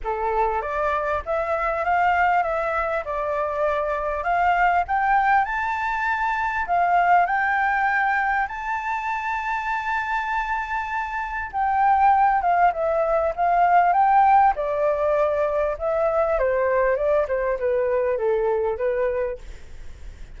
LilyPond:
\new Staff \with { instrumentName = "flute" } { \time 4/4 \tempo 4 = 99 a'4 d''4 e''4 f''4 | e''4 d''2 f''4 | g''4 a''2 f''4 | g''2 a''2~ |
a''2. g''4~ | g''8 f''8 e''4 f''4 g''4 | d''2 e''4 c''4 | d''8 c''8 b'4 a'4 b'4 | }